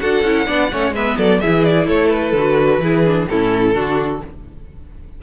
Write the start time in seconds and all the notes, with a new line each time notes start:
0.00 D4 F#4 A4 F#5
0.24 C#4 E4
0.46 B3 D4 D5
0.72 A3 C#4 C#5
0.92 G#3 B3 B4 E5
1.18 F#3 A4 D5
1.41 E3 E4 G#4 E5
1.64 D5
1.88 A3 A4 C#5
2.08 B4
2.33 D3 F#4
2.79 E3 E4 G#4
3.06 D4
3.29 A2 C#4 E4 A4
3.75 D3 D4 F#4